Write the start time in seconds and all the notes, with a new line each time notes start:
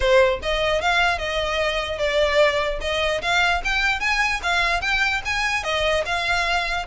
0.00 C5
0.42 D#5
0.81 F5
1.18 D#5
1.98 D5
2.80 D#5
3.21 F5
3.64 G5
4.00 G#5
4.42 F5
4.81 G5
5.25 G#5
5.63 D#5
6.05 F5